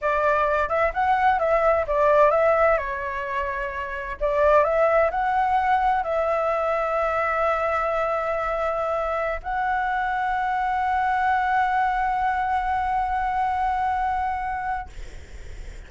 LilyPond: \new Staff \with { instrumentName = "flute" } { \time 4/4 \tempo 4 = 129 d''4. e''8 fis''4 e''4 | d''4 e''4 cis''2~ | cis''4 d''4 e''4 fis''4~ | fis''4 e''2.~ |
e''1~ | e''16 fis''2.~ fis''8.~ | fis''1~ | fis''1 | }